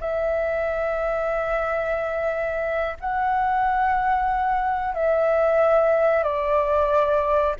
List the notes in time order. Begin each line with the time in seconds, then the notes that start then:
0.00 E5
3.00 F#5
4.94 E5
6.23 D5